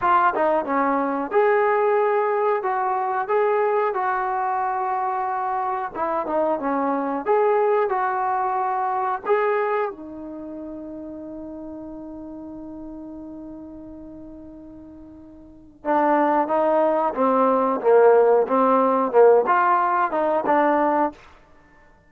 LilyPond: \new Staff \with { instrumentName = "trombone" } { \time 4/4 \tempo 4 = 91 f'8 dis'8 cis'4 gis'2 | fis'4 gis'4 fis'2~ | fis'4 e'8 dis'8 cis'4 gis'4 | fis'2 gis'4 dis'4~ |
dis'1~ | dis'1 | d'4 dis'4 c'4 ais4 | c'4 ais8 f'4 dis'8 d'4 | }